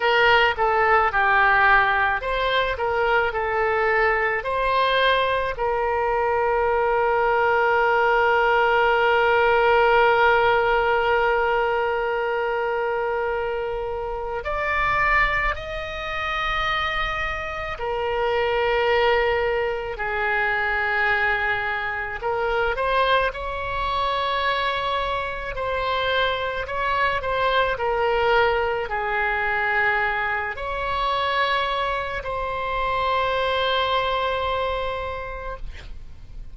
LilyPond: \new Staff \with { instrumentName = "oboe" } { \time 4/4 \tempo 4 = 54 ais'8 a'8 g'4 c''8 ais'8 a'4 | c''4 ais'2.~ | ais'1~ | ais'4 d''4 dis''2 |
ais'2 gis'2 | ais'8 c''8 cis''2 c''4 | cis''8 c''8 ais'4 gis'4. cis''8~ | cis''4 c''2. | }